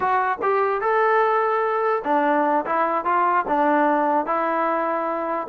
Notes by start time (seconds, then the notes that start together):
0.00 F#4
0.42 G4
0.81 A4
2.04 D4
2.65 E4
3.04 F4
3.48 D4
4.26 E4